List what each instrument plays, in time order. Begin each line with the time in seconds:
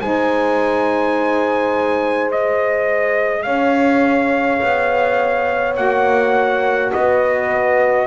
0.00 double bass G#3, saxophone D#4, horn C5, trumpet G#5
2.32 saxophone G#4, trumpet D#5
3.43 double bass C#4, horn C#5, trumpet F5
4.62 double bass B3
5.76 double bass A#3, saxophone F#4, trumpet F#5
6.93 double bass B3, horn B4, trumpet D#5